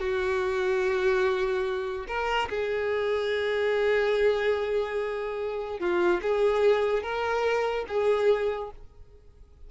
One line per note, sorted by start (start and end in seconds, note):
0.00 2.07 F#4
2.08 2.49 A#4
2.50 5.80 G#4
5.80 6.21 F4
6.22 7.03 G#4
7.03 7.86 A#4
7.88 8.71 G#4